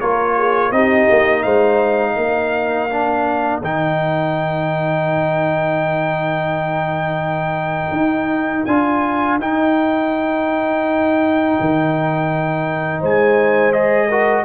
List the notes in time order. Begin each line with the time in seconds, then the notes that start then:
0.00 A#3 F4 A#4 C#5
0.38 G#4
0.72 C4 D#4 G4 D#5
1.10 A#3
1.43 G#3 C5 F5
2.15 A#3 A#4
2.90 D4
3.61 D#3 D#4 G5
7.92 D#4
8.66 D4 F4 G#5
9.40 D#4 G5
11.60 D#3
13.00 G#3 C5 G#5
13.73 G#4 D#5
14.09 F#4 A#4